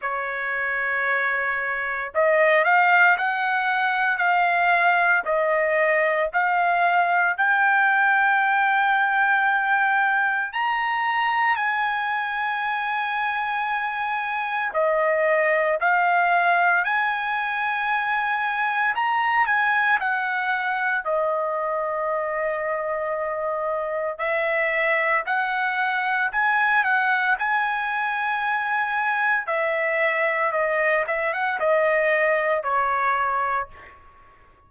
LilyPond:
\new Staff \with { instrumentName = "trumpet" } { \time 4/4 \tempo 4 = 57 cis''2 dis''8 f''8 fis''4 | f''4 dis''4 f''4 g''4~ | g''2 ais''4 gis''4~ | gis''2 dis''4 f''4 |
gis''2 ais''8 gis''8 fis''4 | dis''2. e''4 | fis''4 gis''8 fis''8 gis''2 | e''4 dis''8 e''16 fis''16 dis''4 cis''4 | }